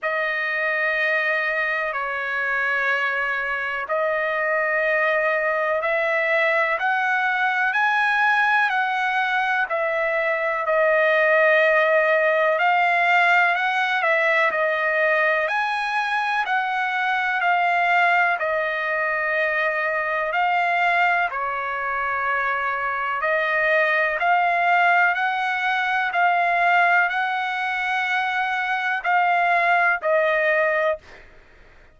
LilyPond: \new Staff \with { instrumentName = "trumpet" } { \time 4/4 \tempo 4 = 62 dis''2 cis''2 | dis''2 e''4 fis''4 | gis''4 fis''4 e''4 dis''4~ | dis''4 f''4 fis''8 e''8 dis''4 |
gis''4 fis''4 f''4 dis''4~ | dis''4 f''4 cis''2 | dis''4 f''4 fis''4 f''4 | fis''2 f''4 dis''4 | }